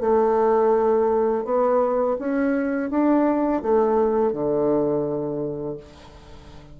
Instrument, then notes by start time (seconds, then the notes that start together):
bassoon
0.00 A3
1.45 B3
2.19 C#4
2.90 D4
3.62 A3
4.32 D3